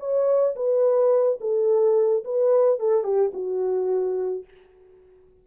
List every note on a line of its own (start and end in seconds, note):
0.00 0.56 C#5
0.56 1.40 B4
1.41 2.24 A4
2.25 2.80 B4
2.80 3.04 A4
3.04 3.32 G4
3.34 4.45 F#4